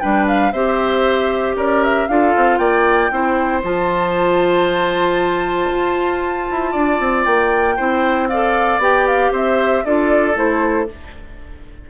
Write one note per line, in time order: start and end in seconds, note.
0.00 0.53 G3
0.00 0.53 D4
0.00 0.53 B4
0.00 0.26 G5
0.28 0.52 F5
0.52 1.55 C4
0.52 2.09 G4
0.52 1.56 C5
0.52 1.56 E5
1.55 2.07 C#4
1.55 2.08 A#4
1.55 1.84 D5
1.84 2.08 E5
2.08 2.35 D4
2.08 3.11 F4
2.08 2.59 A4
2.08 2.58 F5
2.37 2.59 C4
2.58 3.10 A#3
2.58 3.11 D5
2.58 3.61 G5
3.11 3.63 C4
3.11 3.63 E4
3.11 6.72 C5
3.63 5.70 F3
3.63 7.78 F4
3.63 7.25 A5
5.71 6.49 F4
6.51 6.74 E4
6.72 7.00 D4
6.72 7.75 D5
7.00 7.26 C4
7.25 7.78 A#3
7.25 8.28 G5
7.77 8.79 C4
7.77 8.30 E4
7.77 8.28 C5
8.28 8.81 A4
8.28 9.32 D5
8.28 8.80 F5
8.79 9.30 B3
8.79 9.84 G4
8.79 9.07 G5
9.07 9.33 F5
9.32 9.84 C4
9.32 9.84 C5
9.32 9.85 E5
9.85 10.36 D4
9.85 10.34 F4
9.85 10.90 A4
9.85 10.37 D5
10.34 10.87 A3
10.34 10.86 E4
10.34 10.89 C5